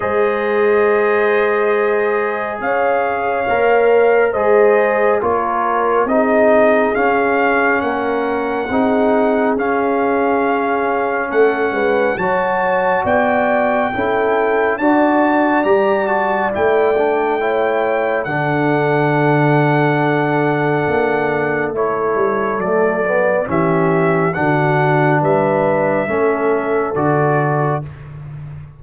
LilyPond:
<<
  \new Staff \with { instrumentName = "trumpet" } { \time 4/4 \tempo 4 = 69 dis''2. f''4~ | f''4 dis''4 cis''4 dis''4 | f''4 fis''2 f''4~ | f''4 fis''4 a''4 g''4~ |
g''4 a''4 ais''8 a''8 g''4~ | g''4 fis''2.~ | fis''4 cis''4 d''4 e''4 | fis''4 e''2 d''4 | }
  \new Staff \with { instrumentName = "horn" } { \time 4/4 c''2. cis''4~ | cis''4 c''4 ais'4 gis'4~ | gis'4 ais'4 gis'2~ | gis'4 a'8 b'8 cis''4 d''4 |
a'4 d''2. | cis''4 a'2.~ | a'2. g'4 | fis'4 b'4 a'2 | }
  \new Staff \with { instrumentName = "trombone" } { \time 4/4 gis'1 | ais'4 gis'4 f'4 dis'4 | cis'2 dis'4 cis'4~ | cis'2 fis'2 |
e'4 fis'4 g'8 fis'8 e'8 d'8 | e'4 d'2.~ | d'4 e'4 a8 b8 cis'4 | d'2 cis'4 fis'4 | }
  \new Staff \with { instrumentName = "tuba" } { \time 4/4 gis2. cis'4 | ais4 gis4 ais4 c'4 | cis'4 ais4 c'4 cis'4~ | cis'4 a8 gis8 fis4 b4 |
cis'4 d'4 g4 a4~ | a4 d2. | ais4 a8 g8 fis4 e4 | d4 g4 a4 d4 | }
>>